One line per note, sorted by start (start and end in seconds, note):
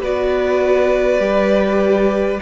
0.00 1.19 B3
0.00 1.19 F#4
0.00 2.40 B4
0.00 2.41 D5
1.19 2.39 G3
1.19 2.39 G4